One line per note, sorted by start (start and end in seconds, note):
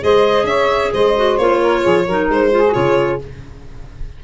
0.00 0.43 G#3
0.00 1.14 G#4
0.00 0.46 C5
0.00 0.45 D#5
0.43 0.89 C#4
0.43 0.91 C#5
0.43 0.91 E5
0.93 1.38 G#3
0.93 1.60 C5
0.93 1.37 D#5
1.16 1.38 F#4
1.37 1.84 A#3
1.37 2.07 F4
1.37 2.28 C#5
1.60 1.81 A#4
1.81 2.07 F3
1.81 2.04 G#4
2.06 2.29 F#3
2.06 2.51 D#4
2.06 2.51 A#4
2.29 2.74 G#3
2.29 2.73 C5
2.51 2.62 F4
2.51 3.23 G#4
2.66 2.73 F#4
2.73 3.21 C#3
2.73 3.19 F4
2.73 3.19 C#5